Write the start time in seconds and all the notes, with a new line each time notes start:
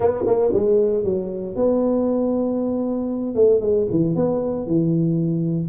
0.00 B3
0.26 A#3
0.53 G#3
1.03 F#3
1.55 B3
3.35 A3
3.61 G#3
3.90 E3
4.15 B3
4.66 E3